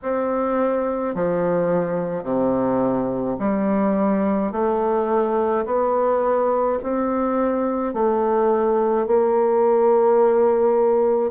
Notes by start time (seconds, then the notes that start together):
0.02 C4
1.14 F3
2.23 C3
3.39 G3
4.52 A3
5.65 B3
6.82 C4
7.93 A3
9.06 A#3